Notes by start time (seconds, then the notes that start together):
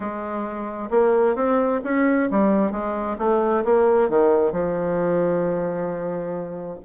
0.00 G#3
0.90 A#3
1.35 C4
1.84 C#4
2.30 G3
2.71 G#3
3.18 A3
3.64 A#3
4.09 D#3
4.52 F3